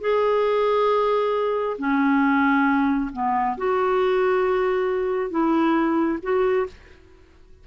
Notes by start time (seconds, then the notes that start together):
0.00 G#4
1.78 C#4
3.12 B3
3.57 F#4
5.30 E4
6.22 F#4